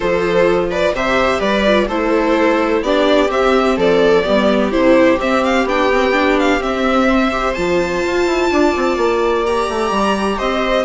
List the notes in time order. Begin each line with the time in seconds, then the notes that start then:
0.00 F3 F4 A4 C5
0.70 B4 D5
0.93 C3 G4 C5 E5
1.39 G3 B4 D5
1.66 F4
1.88 A3 E4 A4 C5
2.81 B3 D4 G4 D5
3.27 C4 E5
3.76 F3 A4 D5
4.24 G3 B3 G4
4.71 C3 E4 C5
5.18 C4 E5
5.43 F5
5.64 B3 D4 G5
5.92 C4
6.12 D4
6.39 F5
6.60 C4 E5
7.09 C5
7.31 G4
7.53 F3 F4 A5
8.05 F4
8.26 E4
8.51 D4 D5
8.75 C4
8.97 A#3
9.46 G4 A#5
9.68 A3
9.90 G3
10.37 C4 C5 D#5